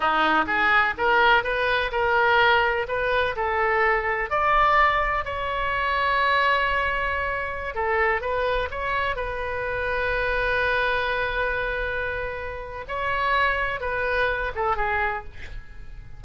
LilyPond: \new Staff \with { instrumentName = "oboe" } { \time 4/4 \tempo 4 = 126 dis'4 gis'4 ais'4 b'4 | ais'2 b'4 a'4~ | a'4 d''2 cis''4~ | cis''1~ |
cis''16 a'4 b'4 cis''4 b'8.~ | b'1~ | b'2. cis''4~ | cis''4 b'4. a'8 gis'4 | }